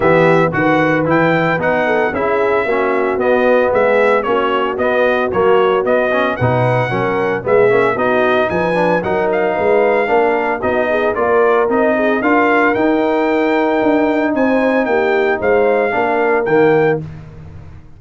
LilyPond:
<<
  \new Staff \with { instrumentName = "trumpet" } { \time 4/4 \tempo 4 = 113 e''4 fis''4 g''4 fis''4 | e''2 dis''4 e''4 | cis''4 dis''4 cis''4 dis''4 | fis''2 e''4 dis''4 |
gis''4 fis''8 f''2~ f''8 | dis''4 d''4 dis''4 f''4 | g''2. gis''4 | g''4 f''2 g''4 | }
  \new Staff \with { instrumentName = "horn" } { \time 4/4 g'4 b'2~ b'8 a'8 | gis'4 fis'2 gis'4 | fis'1 | b'4 ais'4 gis'4 fis'4 |
b'4 ais'4 b'4 ais'4 | fis'8 gis'8 ais'4. gis'8 ais'4~ | ais'2. c''4 | g'4 c''4 ais'2 | }
  \new Staff \with { instrumentName = "trombone" } { \time 4/4 b4 fis'4 e'4 dis'4 | e'4 cis'4 b2 | cis'4 b4 ais4 b8 cis'8 | dis'4 cis'4 b8 cis'8 dis'4~ |
dis'8 d'8 dis'2 d'4 | dis'4 f'4 dis'4 f'4 | dis'1~ | dis'2 d'4 ais4 | }
  \new Staff \with { instrumentName = "tuba" } { \time 4/4 e4 dis4 e4 b4 | cis'4 ais4 b4 gis4 | ais4 b4 fis4 b4 | b,4 fis4 gis8 ais8 b4 |
f4 fis4 gis4 ais4 | b4 ais4 c'4 d'4 | dis'2 d'4 c'4 | ais4 gis4 ais4 dis4 | }
>>